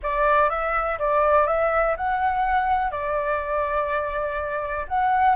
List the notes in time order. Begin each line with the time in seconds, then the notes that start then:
0.02 D5
0.49 E5
0.98 D5
1.47 E5
1.96 F#5
2.91 D5
4.88 F#5